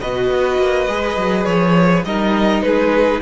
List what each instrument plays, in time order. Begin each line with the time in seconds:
0.00 cello B2, viola F#4, violin B4 D#5
0.31 cello B3
0.57 cello A#3
0.88 cello G#3, viola G#4
1.16 cello F#3
1.44 cello F3, violin C#5
2.04 cello G3, viola D#4, violin A#4 D#5
2.62 cello G#3, violin G#4 B4